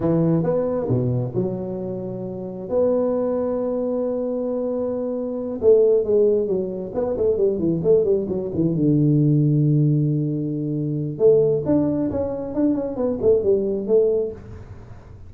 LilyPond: \new Staff \with { instrumentName = "tuba" } { \time 4/4 \tempo 4 = 134 e4 b4 b,4 fis4~ | fis2 b2~ | b1~ | b8 a4 gis4 fis4 b8 |
a8 g8 e8 a8 g8 fis8 e8 d8~ | d1~ | d4 a4 d'4 cis'4 | d'8 cis'8 b8 a8 g4 a4 | }